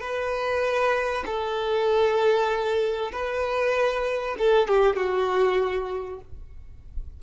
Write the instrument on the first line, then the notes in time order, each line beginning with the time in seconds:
violin
0.00 B4
1.26 A4
3.12 B4
4.38 A4
4.68 G4
4.96 F#4